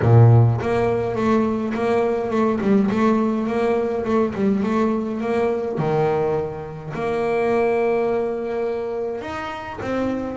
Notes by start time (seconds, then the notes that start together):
0.02 A#2
0.61 A#3
1.15 A3
1.73 A#3
2.30 A3
2.61 G3
2.90 A3
3.47 A#3
4.05 A3
4.34 G3
4.63 A3
5.21 A#3
5.77 D#3
6.93 A#3
9.21 D#4
9.81 C4